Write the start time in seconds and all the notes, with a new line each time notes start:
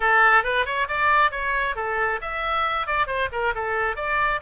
0.00 A4
0.43 B4
0.65 C#5
0.87 D5
1.31 C#5
1.75 A4
2.21 E5
2.87 D5
3.06 C5
3.32 A#4
3.54 A4
3.96 D5